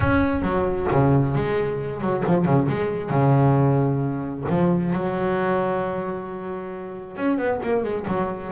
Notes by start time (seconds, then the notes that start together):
0.00 C#4
0.42 F#3
0.91 C#3
1.35 G#3
2.01 F#3
2.26 F3
2.45 C#3
2.68 G#3
3.10 C#3
4.49 F3
4.93 F#3
7.16 C#4
7.38 B3
7.63 A#3
7.83 G#3
8.07 F#3